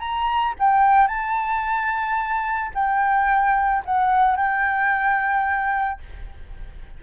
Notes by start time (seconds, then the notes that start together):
0.00 A#5
0.60 G5
1.08 A5
2.75 G5
3.86 F#5
4.37 G5